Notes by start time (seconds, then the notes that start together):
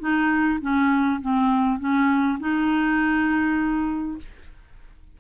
0.00 D#4
0.61 C#4
1.22 C4
1.79 C#4
2.40 D#4